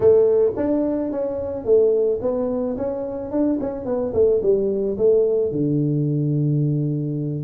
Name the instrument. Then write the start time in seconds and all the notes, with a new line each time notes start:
tuba
0.00 A3
0.56 D4
1.11 C#4
1.64 A3
2.21 B3
2.77 C#4
3.31 D4
3.60 C#4
3.85 B3
4.13 A3
4.42 G3
4.97 A3
5.51 D3